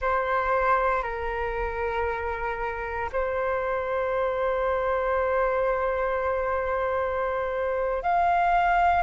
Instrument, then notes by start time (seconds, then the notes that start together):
flute
0.01 C5
1.03 A#4
3.12 C5
8.02 F5